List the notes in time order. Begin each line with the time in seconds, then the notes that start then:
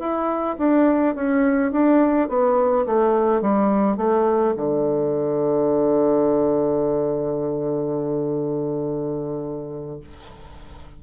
0.00 E4
0.59 D4
1.16 C#4
1.72 D4
2.29 B3
2.86 A3
3.42 G3
3.98 A3
4.57 D3